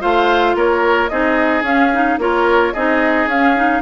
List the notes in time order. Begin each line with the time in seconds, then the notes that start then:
0.00 A3 F4 C5 F5
0.55 A#3 A#4 C#5
1.08 C4 D#4 G#4 D#5
1.62 C#4 F5
1.93 D#4
2.18 A#3 F4 A#4 C#5
2.73 C4 D#4 G#4 D#5
3.26 C#4 F5
3.55 D#4